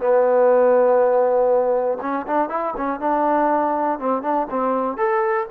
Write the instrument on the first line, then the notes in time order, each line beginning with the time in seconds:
trombone
0.00 B3
2.01 C#4
2.27 D4
2.49 E4
2.77 C#4
3.00 D4
3.99 C4
4.22 D4
4.50 C4
4.97 A4